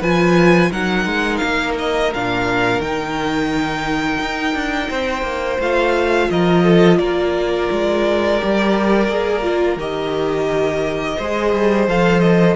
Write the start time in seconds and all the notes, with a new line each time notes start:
0.00 F3 F4 B4 G#5
0.71 F#3 D#4 A#4 F#5
1.06 G#3
1.37 A#3 F5
1.78 D#5
2.14 A#2 D4 F5
2.79 D#3 D#4 G5
4.19 D#4
4.54 D4
4.90 C4 C5
5.22 A#3
5.60 A3 F4 F5
6.30 F3 A#4 D#5
6.63 A4
6.98 A#3 A#4 D5
7.71 G#3
8.38 G3 G4
9.08 A#3 G#4
9.42 F4
9.76 D#3 G4 D#5
11.17 G#3 G#4 C5
11.52 G3
11.87 F3 A4 F5
12.20 D#5